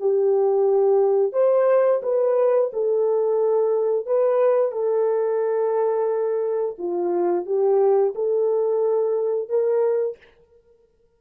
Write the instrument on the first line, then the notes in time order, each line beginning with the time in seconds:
horn
0.00 G4
1.33 C5
2.03 B4
2.74 A4
4.06 B4
4.72 A4
6.79 F4
7.46 G4
8.15 A4
9.50 A#4